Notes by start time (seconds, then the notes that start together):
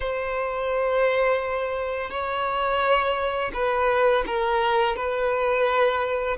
0.00 C5
2.10 C#5
3.53 B4
4.26 A#4
4.96 B4